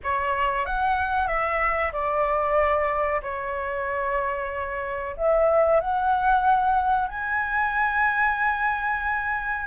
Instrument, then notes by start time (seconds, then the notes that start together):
flute
0.03 C#5
0.65 F#5
1.27 E5
1.92 D5
3.22 C#5
5.16 E5
5.80 F#5
7.08 G#5